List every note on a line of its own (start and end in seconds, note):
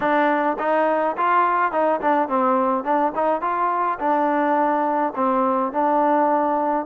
0.00 0.57 D4
0.58 1.16 D#4
1.17 1.71 F4
1.71 2.00 D#4
2.01 2.28 D4
2.28 2.84 C4
2.84 3.12 D4
3.15 3.41 D#4
3.41 3.98 F4
3.99 5.13 D4
5.15 5.72 C4
5.72 6.85 D4